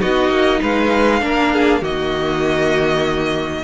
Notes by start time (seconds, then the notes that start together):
0.00 B3 D#4 F#4 D#5
0.29 A#3
0.61 G#3 B4 F5
1.21 A#3 D4 A#4
1.53 G#4
1.81 D#3 A#3 F#4 D#5